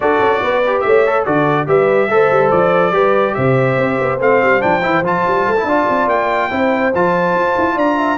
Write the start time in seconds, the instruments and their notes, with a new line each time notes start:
0.00 tuba D4, trombone F#4, horn A4, trumpet D5
0.19 tuba C#4
0.42 tuba B3, horn B4
0.66 trombone G4
0.80 tuba A3, trumpet E5
0.86 horn C#5
1.06 trombone A4
1.24 tuba D3, trombone F#4, horn A4, trumpet D5
1.66 tuba G3, trombone G4, horn B4, trumpet E5
2.08 tuba A3, trombone A4, horn C5
2.30 tuba G3
2.50 tuba F3, trumpet D5
2.91 tuba G3, trombone G4, horn B4
3.34 tuba C3, horn C5, trumpet E5
3.77 tuba C4
4.00 tuba B3
4.19 tuba A3, trombone C4, trumpet F5
4.41 tuba G3
4.60 tuba F3, trombone D4, trumpet G5
4.82 tuba E3, trombone E4
5.02 tuba F3, trombone F4, trumpet A5
5.26 tuba G3
5.46 tuba A3
5.56 trombone E4
5.63 tuba D4, trombone F4, horn D5
5.89 tuba C4
6.07 tuba A#3, trumpet G5
6.50 tuba C4, trombone E4, horn C5
6.94 tuba F3, trombone F4, trumpet A5
7.34 tuba F4
7.58 tuba E4
7.74 tuba D4, horn D5, trumpet A#5
7.97 horn E5